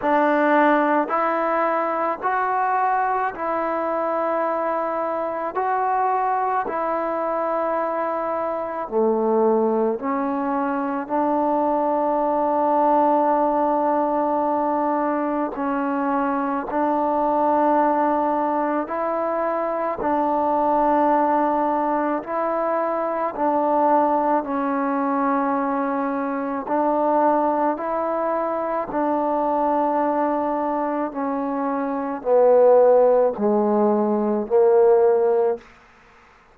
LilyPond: \new Staff \with { instrumentName = "trombone" } { \time 4/4 \tempo 4 = 54 d'4 e'4 fis'4 e'4~ | e'4 fis'4 e'2 | a4 cis'4 d'2~ | d'2 cis'4 d'4~ |
d'4 e'4 d'2 | e'4 d'4 cis'2 | d'4 e'4 d'2 | cis'4 b4 gis4 ais4 | }